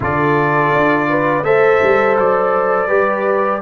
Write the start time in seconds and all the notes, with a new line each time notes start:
0.00 D3 F4 A4 D5
0.72 D4
1.09 B4
1.43 A3 A4 C5 E5
1.82 G3
2.18 F#3 D5
2.87 G3 G4 B4